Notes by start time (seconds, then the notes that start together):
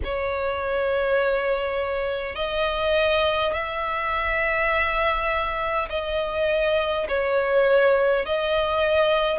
0.04 C#5
2.35 D#5
3.53 E5
5.89 D#5
7.08 C#5
8.25 D#5